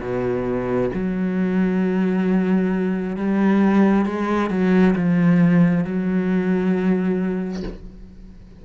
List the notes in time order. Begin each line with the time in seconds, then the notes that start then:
0.00 B2
0.93 F#3
3.16 G3
4.05 G#3
4.50 F#3
4.95 F3
5.84 F#3